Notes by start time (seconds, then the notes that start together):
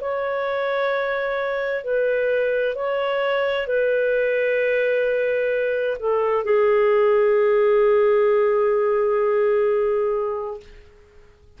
0.00 C#5
1.83 B4
2.75 C#5
3.67 B4
5.99 A4
6.44 G#4